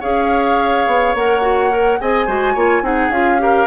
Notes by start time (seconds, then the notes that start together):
0.00 C#4 G#4 C#5 F5
0.86 B3
1.14 A#3 A#4 F#5
1.41 F#4
1.70 A#4
2.00 C4 G#4 D#5 G#5
2.26 G#3 F#4 C5
2.53 A#3 F4 C#5
2.82 C4 D#4 G#4 F#5
3.09 C#4 F4 F5
3.38 G4 A#4